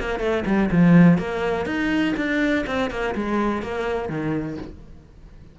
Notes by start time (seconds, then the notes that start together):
0.00 A#3
0.20 A3
0.46 G3
0.71 F3
1.18 A#3
1.66 D#4
2.17 D4
2.67 C4
2.91 A#3
3.15 G#3
3.62 A#3
4.09 D#3